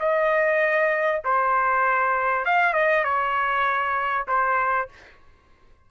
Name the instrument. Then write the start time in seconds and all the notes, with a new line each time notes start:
trumpet
0.00 D#5
1.25 C5
2.46 F5
2.74 D#5
3.05 C#5
4.28 C5